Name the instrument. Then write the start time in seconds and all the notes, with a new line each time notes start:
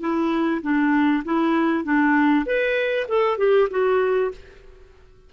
clarinet
0.00 E4
0.62 D4
1.24 E4
1.84 D4
2.45 B4
3.08 A4
3.38 G4
3.70 F#4